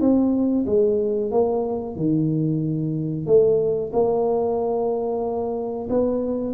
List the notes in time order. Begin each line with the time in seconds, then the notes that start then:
0.00 C4
0.66 G#3
1.31 A#3
1.96 D#3
3.26 A3
3.92 A#3
5.89 B3